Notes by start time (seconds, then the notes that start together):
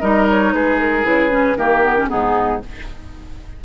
0.00 G3 D#4 A#4 D#5
0.29 C#5
0.52 G#3 G#4 B4
0.79 A#4
1.03 C#3 E4 B4
1.30 C#4
1.56 D#3 A#3 G4 A#4
1.83 B3
1.97 C#4
2.08 G#2 B3 D#4 G#4